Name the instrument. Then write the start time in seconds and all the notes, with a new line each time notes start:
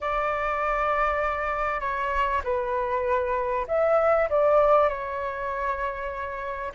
flute
0.01 D5
1.80 C#5
2.44 B4
3.67 E5
4.29 D5
4.88 C#5